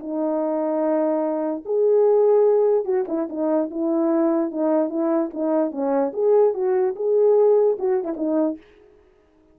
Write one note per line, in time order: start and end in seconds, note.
0.00 1.63 D#4
1.65 2.85 G#4
2.85 3.05 F#4
3.09 3.29 E4
3.29 3.70 D#4
3.71 4.52 E4
4.52 4.90 D#4
4.90 5.31 E4
5.34 5.72 D#4
5.72 6.12 C#4
6.14 6.54 G#4
6.54 6.95 F#4
6.96 7.77 G#4
7.79 8.04 F#4
8.04 8.14 E4
8.17 8.58 D#4